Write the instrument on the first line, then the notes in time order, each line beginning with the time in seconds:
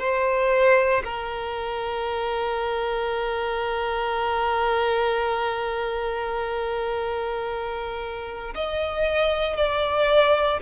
violin
0.00 C5
1.04 A#4
8.55 D#5
9.57 D5